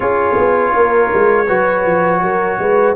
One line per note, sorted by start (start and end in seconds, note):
0.00 0.36 C#4
0.00 1.46 F4
0.00 0.73 G#4
0.00 2.96 C#5
0.37 0.73 B3
0.73 1.10 A#3
0.73 1.46 A#4
1.14 1.49 G#3
1.46 1.85 F#3
1.46 2.96 F#4
1.46 2.20 B4
1.85 2.21 F3
2.21 2.58 F#3
2.21 2.59 A#4
2.59 2.96 G#3
2.59 2.96 B4